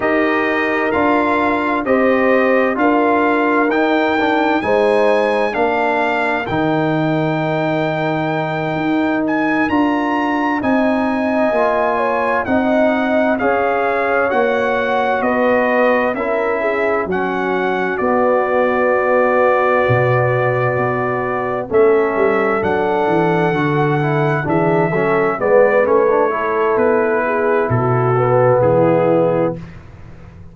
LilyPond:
<<
  \new Staff \with { instrumentName = "trumpet" } { \time 4/4 \tempo 4 = 65 dis''4 f''4 dis''4 f''4 | g''4 gis''4 f''4 g''4~ | g''2 gis''8 ais''4 gis''8~ | gis''4. fis''4 f''4 fis''8~ |
fis''8 dis''4 e''4 fis''4 d''8~ | d''2.~ d''8 e''8~ | e''8 fis''2 e''4 d''8 | cis''4 b'4 a'4 gis'4 | }
  \new Staff \with { instrumentName = "horn" } { \time 4/4 ais'2 c''4 ais'4~ | ais'4 c''4 ais'2~ | ais'2.~ ais'8 dis''8~ | dis''4 cis''8 dis''4 cis''4.~ |
cis''8 b'4 ais'8 gis'8 fis'4.~ | fis'2.~ fis'8 a'8~ | a'2~ a'8 gis'8 a'8 b'8~ | b'8 a'4 gis'8 fis'4 e'4 | }
  \new Staff \with { instrumentName = "trombone" } { \time 4/4 g'4 f'4 g'4 f'4 | dis'8 d'8 dis'4 d'4 dis'4~ | dis'2~ dis'8 f'4 dis'8~ | dis'8 f'4 dis'4 gis'4 fis'8~ |
fis'4. e'4 cis'4 b8~ | b2.~ b8 cis'8~ | cis'8 d'4 fis'8 e'8 d'8 cis'8 b8 | cis'16 d'16 e'2 b4. | }
  \new Staff \with { instrumentName = "tuba" } { \time 4/4 dis'4 d'4 c'4 d'4 | dis'4 gis4 ais4 dis4~ | dis4. dis'4 d'4 c'8~ | c'8 ais4 c'4 cis'4 ais8~ |
ais8 b4 cis'4 fis4 b8~ | b4. b,4 b4 a8 | g8 fis8 e8 d4 e8 fis8 gis8 | a4 b4 b,4 e4 | }
>>